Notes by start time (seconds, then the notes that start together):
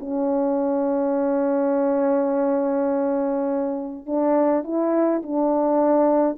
0.00 C#4
4.06 D4
4.64 E4
5.22 D4